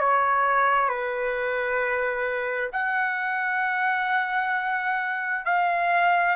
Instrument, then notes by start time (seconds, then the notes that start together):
trumpet
0.00 C#5
0.89 B4
2.73 F#5
5.46 F5